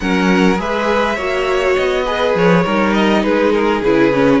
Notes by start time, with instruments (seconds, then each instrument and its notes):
0.00 cello F#3, viola C#4, violin A#4 F#5
0.56 cello G#3, viola G#4, violin B4 E5
1.15 cello A#3, viola F#4, violin C#5
1.76 cello B3, violin D#5
2.05 viola G#4, violin B4
2.34 cello F3, violin C#5
2.64 cello G3, viola D#4, violin A#4
2.93 violin D#5
3.23 cello G#3, violin G#4 B4
3.52 violin A#4
3.81 cello C#3, viola E4, violin B4
4.12 viola C#4